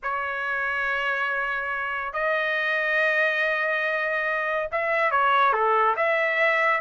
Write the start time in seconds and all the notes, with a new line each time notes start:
0.02 C#5
2.13 D#5
4.71 E5
5.11 C#5
5.52 A4
5.96 E5